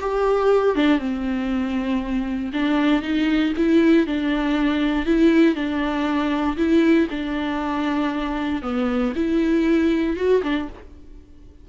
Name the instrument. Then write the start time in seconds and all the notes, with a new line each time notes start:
viola
0.00 G4
0.75 D4
0.98 C4
2.53 D4
3.02 D#4
3.57 E4
4.06 D4
5.05 E4
5.55 D4
6.57 E4
7.10 D4
8.62 B3
9.15 E4
10.16 F#4
10.43 D4